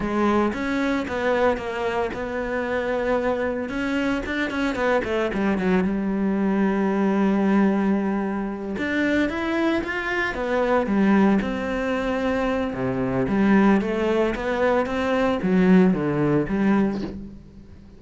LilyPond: \new Staff \with { instrumentName = "cello" } { \time 4/4 \tempo 4 = 113 gis4 cis'4 b4 ais4 | b2. cis'4 | d'8 cis'8 b8 a8 g8 fis8 g4~ | g1~ |
g8 d'4 e'4 f'4 b8~ | b8 g4 c'2~ c'8 | c4 g4 a4 b4 | c'4 fis4 d4 g4 | }